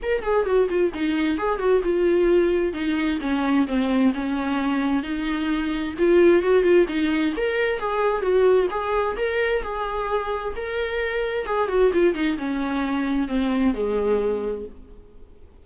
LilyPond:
\new Staff \with { instrumentName = "viola" } { \time 4/4 \tempo 4 = 131 ais'8 gis'8 fis'8 f'8 dis'4 gis'8 fis'8 | f'2 dis'4 cis'4 | c'4 cis'2 dis'4~ | dis'4 f'4 fis'8 f'8 dis'4 |
ais'4 gis'4 fis'4 gis'4 | ais'4 gis'2 ais'4~ | ais'4 gis'8 fis'8 f'8 dis'8 cis'4~ | cis'4 c'4 gis2 | }